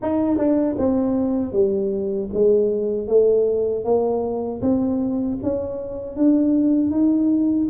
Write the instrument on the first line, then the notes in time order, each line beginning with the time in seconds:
tuba
0.02 D#4
0.37 D4
0.77 C4
1.52 G3
2.33 G#3
3.07 A3
3.84 A#3
4.61 C4
5.42 C#4
6.16 D4
6.91 D#4